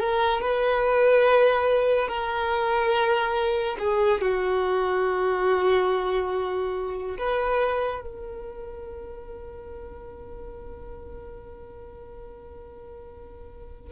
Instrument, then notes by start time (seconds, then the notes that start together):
violin
0.00 A#4
0.41 B4
2.08 A#4
3.79 G#4
4.21 F#4
7.18 B4
8.02 A#4